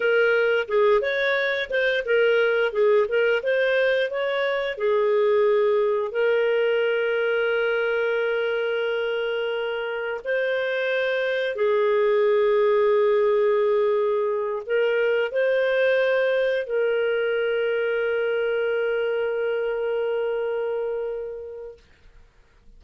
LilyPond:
\new Staff \with { instrumentName = "clarinet" } { \time 4/4 \tempo 4 = 88 ais'4 gis'8 cis''4 c''8 ais'4 | gis'8 ais'8 c''4 cis''4 gis'4~ | gis'4 ais'2.~ | ais'2. c''4~ |
c''4 gis'2.~ | gis'4. ais'4 c''4.~ | c''8 ais'2.~ ais'8~ | ais'1 | }